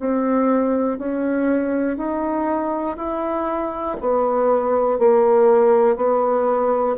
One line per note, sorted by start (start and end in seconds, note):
0.00 0.99 C4
0.99 1.97 C#4
1.97 2.97 D#4
2.97 3.97 E4
4.01 4.99 B3
4.99 5.97 A#3
5.97 6.97 B3